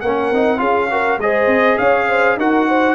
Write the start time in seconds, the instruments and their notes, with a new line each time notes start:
0.00 tuba A#3, trombone C#4, horn A#4, trumpet F#5
0.31 tuba C4, trombone D#4
0.57 tuba C#4, trombone F4, horn G#4, trumpet F5
0.90 trombone F#4, horn A#4
1.18 tuba G#3, trombone G#4, horn C5, trumpet D#5
1.47 tuba C4
1.78 tuba C#4, horn C#5, trumpet F5
2.08 horn C5
2.36 tuba D#4, trombone F#4, horn A#4, trumpet F#5
2.68 horn C5